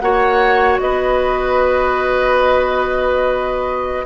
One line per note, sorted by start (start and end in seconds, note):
0.00 0.78 A#3
0.00 4.05 F#4
0.00 0.80 C#5
0.00 0.77 F#5
0.79 4.05 B3
0.79 4.05 B4
0.79 4.05 D#5